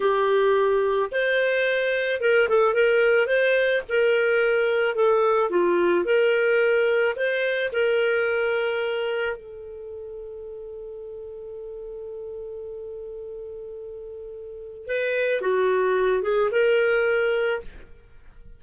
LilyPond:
\new Staff \with { instrumentName = "clarinet" } { \time 4/4 \tempo 4 = 109 g'2 c''2 | ais'8 a'8 ais'4 c''4 ais'4~ | ais'4 a'4 f'4 ais'4~ | ais'4 c''4 ais'2~ |
ais'4 a'2.~ | a'1~ | a'2. b'4 | fis'4. gis'8 ais'2 | }